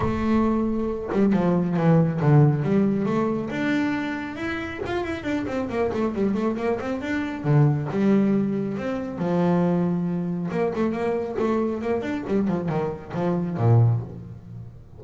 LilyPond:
\new Staff \with { instrumentName = "double bass" } { \time 4/4 \tempo 4 = 137 a2~ a8 g8 f4 | e4 d4 g4 a4 | d'2 e'4 f'8 e'8 | d'8 c'8 ais8 a8 g8 a8 ais8 c'8 |
d'4 d4 g2 | c'4 f2. | ais8 a8 ais4 a4 ais8 d'8 | g8 f8 dis4 f4 ais,4 | }